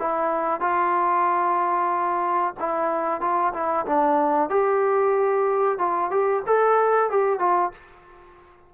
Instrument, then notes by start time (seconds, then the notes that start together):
trombone
0.00 E4
0.61 F4
2.60 E4
3.21 F4
3.54 E4
3.87 D4
4.50 G4
5.79 F4
6.11 G4
6.47 A4
7.10 G4
7.40 F4